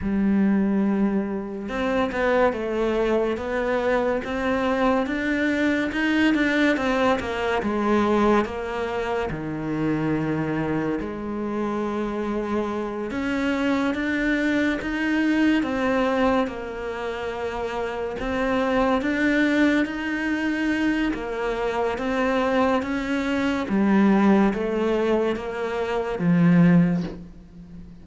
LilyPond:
\new Staff \with { instrumentName = "cello" } { \time 4/4 \tempo 4 = 71 g2 c'8 b8 a4 | b4 c'4 d'4 dis'8 d'8 | c'8 ais8 gis4 ais4 dis4~ | dis4 gis2~ gis8 cis'8~ |
cis'8 d'4 dis'4 c'4 ais8~ | ais4. c'4 d'4 dis'8~ | dis'4 ais4 c'4 cis'4 | g4 a4 ais4 f4 | }